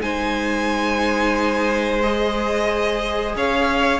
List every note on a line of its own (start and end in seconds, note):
0.00 3.34 G#3
0.00 2.00 D#4
0.00 3.36 C5
0.00 2.01 G#5
2.01 4.00 G#4
2.01 3.34 D#5
3.36 4.00 C#4
3.36 4.00 C#5
3.36 4.00 F5